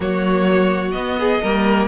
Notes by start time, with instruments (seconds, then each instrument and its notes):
0.00 cello F#3, viola A#3, violin F#4 C#5
0.91 viola B3, cello B3, violin D#5
1.19 violin G#4
1.42 cello G3, viola A#3, violin A#4